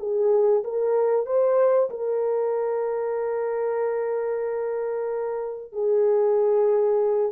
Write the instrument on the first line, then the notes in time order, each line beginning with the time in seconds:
horn
0.00 G#4
0.65 A#4
1.26 C5
1.91 A#4
5.73 G#4